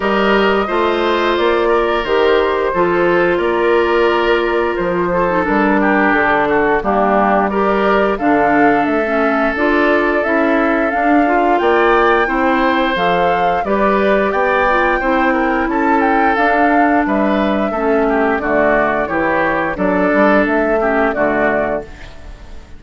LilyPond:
<<
  \new Staff \with { instrumentName = "flute" } { \time 4/4 \tempo 4 = 88 dis''2 d''4 c''4~ | c''4 d''2 c''4 | ais'4 a'4 g'4 d''4 | f''4 e''4 d''4 e''4 |
f''4 g''2 f''4 | d''4 g''2 a''8 g''8 | f''4 e''2 d''4 | cis''4 d''4 e''4 d''4 | }
  \new Staff \with { instrumentName = "oboe" } { \time 4/4 ais'4 c''4. ais'4. | a'4 ais'2~ ais'8 a'8~ | a'8 g'4 fis'8 d'4 ais'4 | a'1~ |
a'4 d''4 c''2 | b'4 d''4 c''8 ais'8 a'4~ | a'4 b'4 a'8 g'8 fis'4 | g'4 a'4. g'8 fis'4 | }
  \new Staff \with { instrumentName = "clarinet" } { \time 4/4 g'4 f'2 g'4 | f'2.~ f'8. dis'16 | d'2 ais4 g'4 | d'4~ d'16 cis'8. f'4 e'4 |
d'8 f'4. e'4 a'4 | g'4. f'8 e'2 | d'2 cis'4 a4 | e'4 d'4. cis'8 a4 | }
  \new Staff \with { instrumentName = "bassoon" } { \time 4/4 g4 a4 ais4 dis4 | f4 ais2 f4 | g4 d4 g2 | d4 a4 d'4 cis'4 |
d'4 ais4 c'4 f4 | g4 b4 c'4 cis'4 | d'4 g4 a4 d4 | e4 fis8 g8 a4 d4 | }
>>